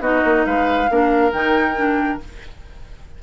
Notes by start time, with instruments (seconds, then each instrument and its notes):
0.00 bassoon B3, clarinet D#4, oboe F#4, flute D#5
0.25 bassoon A#3
0.45 bassoon G#3, oboe B4, flute F5
0.90 bassoon A#3, clarinet D4, oboe A#4
1.32 bassoon D#3, clarinet D#4, flute G5
1.76 clarinet D4